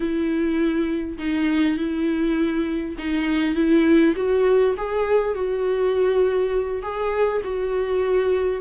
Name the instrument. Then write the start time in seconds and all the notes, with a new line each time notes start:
viola
0.00 E4
1.18 D#4
1.77 E4
2.98 D#4
3.55 E4
4.16 F#4
4.77 G#4
5.34 F#4
6.82 G#4
7.43 F#4